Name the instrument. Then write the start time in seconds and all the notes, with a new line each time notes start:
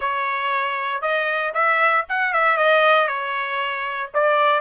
trumpet
0.00 C#5
1.01 D#5
1.54 E5
2.08 F#5
2.33 E5
2.57 D#5
3.07 C#5
4.14 D5